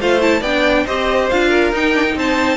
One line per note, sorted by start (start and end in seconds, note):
0.00 0.41 A3
0.00 0.21 F4
0.00 0.41 C5
0.00 0.21 F5
0.21 0.43 E4
0.21 0.43 A5
0.41 0.85 B3
0.41 0.88 D4
0.41 0.84 D5
0.41 0.87 G5
0.86 1.31 C4
0.86 1.31 G4
0.86 1.49 C5
0.86 1.30 D#5
1.30 1.72 D4
1.30 1.73 F4
1.30 1.73 F5
1.49 2.14 A#4
1.72 2.16 D#4
1.72 1.95 D#4
1.72 2.18 G5
1.95 2.06 D4
2.06 2.58 D#4
2.16 2.58 C4
2.16 2.58 C5
2.16 2.58 A5